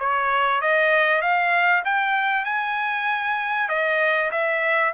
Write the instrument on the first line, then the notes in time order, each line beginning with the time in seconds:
trumpet
0.00 C#5
0.62 D#5
1.22 F5
1.85 G5
2.45 G#5
3.69 D#5
4.32 E5